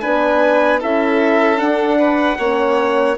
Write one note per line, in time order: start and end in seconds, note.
0.00 0.82 B3
0.00 0.79 D4
0.00 0.80 B4
0.00 0.79 G#5
0.79 1.61 C#4
0.79 1.56 E4
0.79 1.98 A4
0.79 1.58 E5
1.56 2.35 D4
1.56 2.38 D4
1.56 3.16 F#5
1.98 2.38 B4
2.38 3.17 A#3
2.38 3.18 C#4
2.38 3.17 C#5